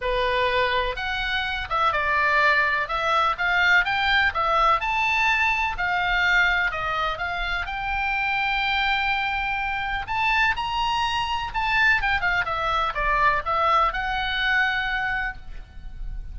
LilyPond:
\new Staff \with { instrumentName = "oboe" } { \time 4/4 \tempo 4 = 125 b'2 fis''4. e''8 | d''2 e''4 f''4 | g''4 e''4 a''2 | f''2 dis''4 f''4 |
g''1~ | g''4 a''4 ais''2 | a''4 g''8 f''8 e''4 d''4 | e''4 fis''2. | }